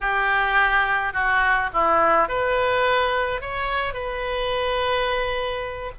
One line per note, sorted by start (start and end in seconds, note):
0.01 1.13 G4
1.13 1.70 F#4
1.73 2.28 E4
2.28 3.41 B4
3.41 3.93 C#5
3.93 5.92 B4